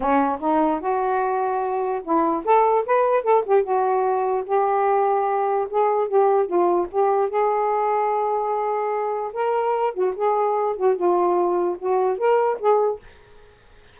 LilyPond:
\new Staff \with { instrumentName = "saxophone" } { \time 4/4 \tempo 4 = 148 cis'4 dis'4 fis'2~ | fis'4 e'4 a'4 b'4 | a'8 g'8 fis'2 g'4~ | g'2 gis'4 g'4 |
f'4 g'4 gis'2~ | gis'2. ais'4~ | ais'8 fis'8 gis'4. fis'8 f'4~ | f'4 fis'4 ais'4 gis'4 | }